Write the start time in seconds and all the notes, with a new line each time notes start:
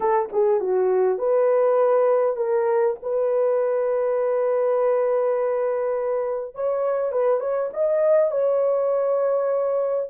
0.00 A4
0.32 G#4
0.60 F#4
1.18 B4
2.36 A#4
3.02 B4
6.54 C#5
7.12 B4
7.40 C#5
7.73 D#5
8.31 C#5